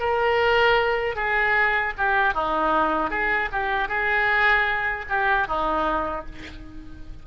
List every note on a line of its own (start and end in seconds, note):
0.00 1.15 A#4
1.15 1.93 G#4
1.98 2.34 G4
2.34 3.11 D#4
3.11 3.49 G#4
3.52 3.89 G4
3.89 5.05 G#4
5.09 5.48 G4
5.48 6.26 D#4